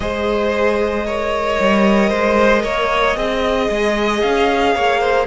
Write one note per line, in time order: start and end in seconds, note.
0.00 1.57 G#3
0.00 1.05 G#4
0.00 1.06 C5
0.00 4.20 D#5
1.06 3.15 A#4
1.06 2.09 C#5
1.60 2.12 G3
2.09 2.64 G#3
2.09 2.61 C5
2.63 3.16 A#3
2.63 3.16 C#5
3.15 3.68 C4
3.15 5.25 G#4
3.15 4.74 D#5
3.70 4.22 G#3
4.21 4.75 C#4
4.21 5.26 F5
4.75 5.26 A#3
4.75 5.00 C#5
5.00 5.26 C5